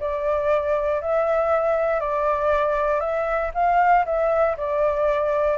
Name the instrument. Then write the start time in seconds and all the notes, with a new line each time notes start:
flute
0.00 D5
1.02 E5
2.01 D5
3.00 E5
3.55 F5
4.06 E5
4.57 D5